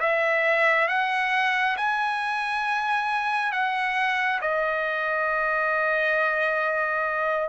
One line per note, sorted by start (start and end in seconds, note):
0.00 0.88 E5
0.89 1.77 F#5
1.77 3.52 G#5
3.52 4.40 F#5
4.42 7.49 D#5